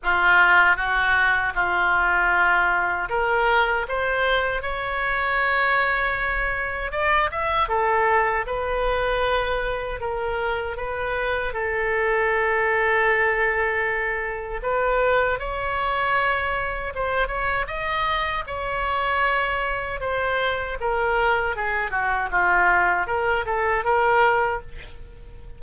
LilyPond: \new Staff \with { instrumentName = "oboe" } { \time 4/4 \tempo 4 = 78 f'4 fis'4 f'2 | ais'4 c''4 cis''2~ | cis''4 d''8 e''8 a'4 b'4~ | b'4 ais'4 b'4 a'4~ |
a'2. b'4 | cis''2 c''8 cis''8 dis''4 | cis''2 c''4 ais'4 | gis'8 fis'8 f'4 ais'8 a'8 ais'4 | }